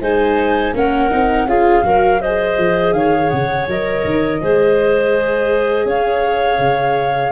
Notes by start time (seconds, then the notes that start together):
0.00 G#3 D#4 C5 G#5
0.74 A#3 C#4 A#4 F#5
1.11 C4 D#4
1.46 C#4 F4 G#4 F5
1.83 F#3 F#4 A#4
2.21 G#4 C5 D#5
2.58 F3
2.93 D#3 C#5 F5
3.29 C#3 F#5
3.68 F#3 A#4 D#5
4.04 D#3
4.41 G#3 G#4 C5
5.85 C#4 C#5 F5
6.59 C#3